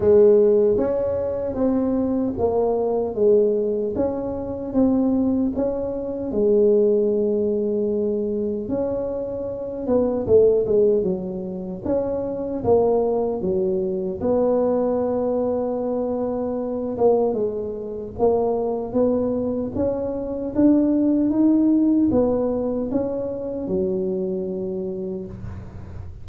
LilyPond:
\new Staff \with { instrumentName = "tuba" } { \time 4/4 \tempo 4 = 76 gis4 cis'4 c'4 ais4 | gis4 cis'4 c'4 cis'4 | gis2. cis'4~ | cis'8 b8 a8 gis8 fis4 cis'4 |
ais4 fis4 b2~ | b4. ais8 gis4 ais4 | b4 cis'4 d'4 dis'4 | b4 cis'4 fis2 | }